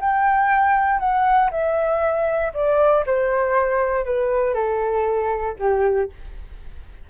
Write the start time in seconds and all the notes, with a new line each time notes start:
0.00 G5
0.99 F#5
1.50 E5
2.53 D5
3.06 C5
4.04 B4
4.54 A4
5.59 G4